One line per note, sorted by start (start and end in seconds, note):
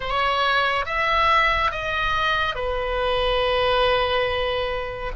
0.00 0.85 C#5
0.85 1.71 E5
1.71 2.55 D#5
2.55 5.12 B4